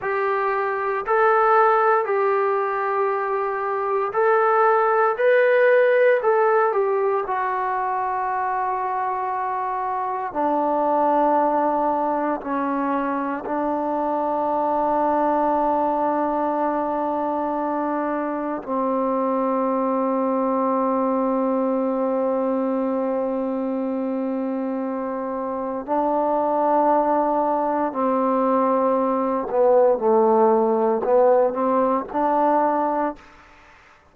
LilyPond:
\new Staff \with { instrumentName = "trombone" } { \time 4/4 \tempo 4 = 58 g'4 a'4 g'2 | a'4 b'4 a'8 g'8 fis'4~ | fis'2 d'2 | cis'4 d'2.~ |
d'2 c'2~ | c'1~ | c'4 d'2 c'4~ | c'8 b8 a4 b8 c'8 d'4 | }